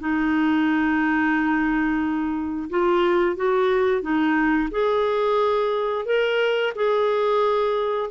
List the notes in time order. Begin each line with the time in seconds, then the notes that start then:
0.00 D#4
2.70 F4
3.36 F#4
4.02 D#4
4.71 G#4
6.06 A#4
6.76 G#4